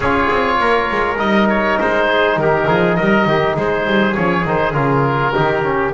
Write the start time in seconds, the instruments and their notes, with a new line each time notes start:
0.00 double bass C#4, trombone F4, trumpet G#4, oboe C#5
0.30 double bass C4
0.60 double bass A#3, trumpet A#4
0.91 double bass G#3
1.16 double bass G3, trombone D#4, oboe D#5
1.49 oboe C#5
1.80 double bass G#3, oboe C5
2.07 trumpet G#4
2.36 double bass D#3, trumpet G4, oboe A#4
2.68 double bass F3, trumpet G#4
2.96 double bass G3, trumpet A#4, oboe D#5
3.25 double bass D#3, trumpet G4
3.55 double bass G#3, trumpet G#4, oboe C5
3.85 double bass G3
4.15 double bass F3, trombone C#4, oboe C#5
4.45 double bass D#3, trombone D#4, oboe C5
4.73 double bass C#3, trombone F4, oboe A#4
5.34 double bass D#3, trombone D#4, trumpet G4
5.63 trombone C#4